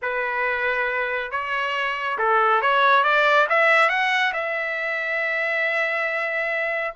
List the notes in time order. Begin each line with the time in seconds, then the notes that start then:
0.01 B4
1.31 C#5
2.18 A4
2.61 C#5
3.03 D5
3.49 E5
3.89 F#5
4.33 E5